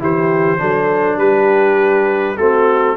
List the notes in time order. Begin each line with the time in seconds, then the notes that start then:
0.00 E3 E4 G4 C5
0.59 F#3 D4 A4
1.17 G3 G4 B4
2.37 A3 C4 F#4 A4